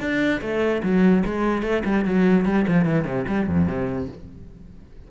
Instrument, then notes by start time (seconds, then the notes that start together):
cello
0.00 D4
0.41 A3
0.83 F#3
1.25 G#3
1.63 A3
1.85 G3
2.05 F#3
2.45 G3
2.68 F3
2.85 E3
3.05 C3
3.28 G3
3.47 F2
3.68 C3